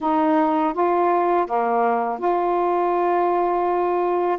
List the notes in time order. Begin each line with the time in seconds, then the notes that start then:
0.00 D#4
0.73 F4
1.46 A#3
2.19 F4